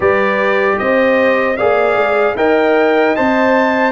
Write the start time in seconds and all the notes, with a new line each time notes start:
0.00 G3 G4 B4 D5
0.78 C4 C5 D#5
1.56 A#3 G#4 D5 F5
1.96 G#3
2.35 D#4 A#4 D#5 G5
3.16 C4 C5 A5